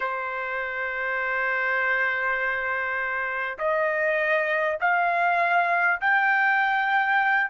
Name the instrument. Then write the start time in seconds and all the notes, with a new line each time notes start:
trumpet
0.00 C5
3.58 D#5
4.80 F5
6.01 G5